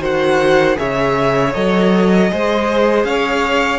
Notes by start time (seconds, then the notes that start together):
0.00 D#3 F#4 C5 F#5
0.76 C#3 G#4 C#5 E5
1.53 F#3 A4 D#5
2.30 G#3 G#4 C5
3.05 C#4 C#5 F5